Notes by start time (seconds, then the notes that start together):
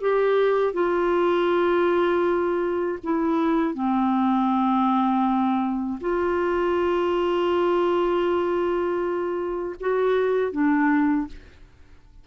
0.00 G4
0.73 F4
3.03 E4
3.74 C4
6.00 F4
9.80 F#4
10.52 D4